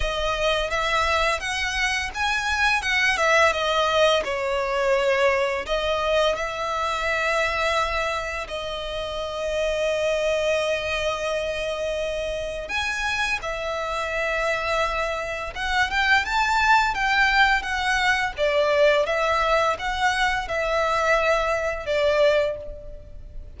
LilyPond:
\new Staff \with { instrumentName = "violin" } { \time 4/4 \tempo 4 = 85 dis''4 e''4 fis''4 gis''4 | fis''8 e''8 dis''4 cis''2 | dis''4 e''2. | dis''1~ |
dis''2 gis''4 e''4~ | e''2 fis''8 g''8 a''4 | g''4 fis''4 d''4 e''4 | fis''4 e''2 d''4 | }